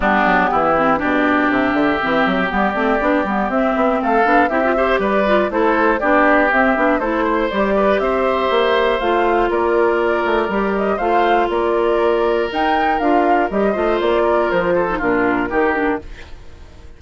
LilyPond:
<<
  \new Staff \with { instrumentName = "flute" } { \time 4/4 \tempo 4 = 120 g'2 d''4 e''4~ | e''4 d''2 e''4 | f''4 e''4 d''4 c''4 | d''4 e''4 c''4 d''4 |
e''2 f''4 d''4~ | d''4. dis''8 f''4 d''4~ | d''4 g''4 f''4 dis''4 | d''4 c''4 ais'2 | }
  \new Staff \with { instrumentName = "oboe" } { \time 4/4 d'4 e'4 g'2~ | g'1 | a'4 g'8 c''8 b'4 a'4 | g'2 a'8 c''4 b'8 |
c''2. ais'4~ | ais'2 c''4 ais'4~ | ais'2.~ ais'8 c''8~ | c''8 ais'4 a'8 f'4 g'4 | }
  \new Staff \with { instrumentName = "clarinet" } { \time 4/4 b4. c'8 d'2 | c'4 b8 c'8 d'8 b8 c'4~ | c'8 d'8 e'16 f'16 g'4 f'8 e'4 | d'4 c'8 d'8 e'4 g'4~ |
g'2 f'2~ | f'4 g'4 f'2~ | f'4 dis'4 f'4 g'8 f'8~ | f'4.~ f'16 dis'16 d'4 dis'8 d'8 | }
  \new Staff \with { instrumentName = "bassoon" } { \time 4/4 g8 fis8 e4 b,4 c8 d8 | e8 fis8 g8 a8 b8 g8 c'8 b8 | a8 b8 c'4 g4 a4 | b4 c'8 b8 a4 g4 |
c'4 ais4 a4 ais4~ | ais8 a8 g4 a4 ais4~ | ais4 dis'4 d'4 g8 a8 | ais4 f4 ais,4 dis4 | }
>>